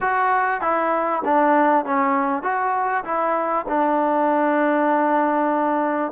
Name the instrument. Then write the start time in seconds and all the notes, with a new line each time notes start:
trombone
0.00 F#4
0.61 E4
1.24 D4
1.85 C#4
2.42 F#4
3.04 E4
3.68 D4